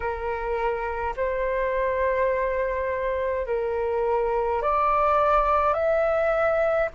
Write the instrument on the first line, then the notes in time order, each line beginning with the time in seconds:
flute
0.00 A#4
1.16 C5
3.46 A#4
4.62 D5
5.73 E5